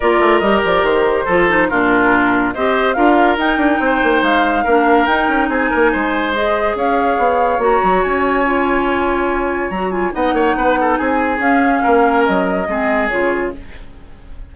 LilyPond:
<<
  \new Staff \with { instrumentName = "flute" } { \time 4/4 \tempo 4 = 142 d''4 dis''8 d''8 c''2 | ais'2 dis''4 f''4 | g''2 f''2 | g''4 gis''2 dis''4 |
f''2 ais''4 gis''4~ | gis''2. ais''8 gis''8 | fis''2 gis''4 f''4~ | f''4 dis''2 cis''4 | }
  \new Staff \with { instrumentName = "oboe" } { \time 4/4 ais'2. a'4 | f'2 c''4 ais'4~ | ais'4 c''2 ais'4~ | ais'4 gis'8 ais'8 c''2 |
cis''1~ | cis''1 | dis''8 cis''8 b'8 a'8 gis'2 | ais'2 gis'2 | }
  \new Staff \with { instrumentName = "clarinet" } { \time 4/4 f'4 g'2 f'8 dis'8 | d'2 g'4 f'4 | dis'2. d'4 | dis'2. gis'4~ |
gis'2 fis'2 | f'2. fis'8 f'8 | dis'2. cis'4~ | cis'2 c'4 f'4 | }
  \new Staff \with { instrumentName = "bassoon" } { \time 4/4 ais8 a8 g8 f8 dis4 f4 | ais,2 c'4 d'4 | dis'8 d'8 c'8 ais8 gis4 ais4 | dis'8 cis'8 c'8 ais8 gis2 |
cis'4 b4 ais8 fis8 cis'4~ | cis'2. fis4 | b8 ais8 b4 c'4 cis'4 | ais4 fis4 gis4 cis4 | }
>>